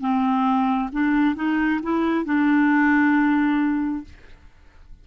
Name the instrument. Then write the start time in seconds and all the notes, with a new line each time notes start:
clarinet
0.00 C4
0.92 D4
1.35 D#4
1.82 E4
2.25 D4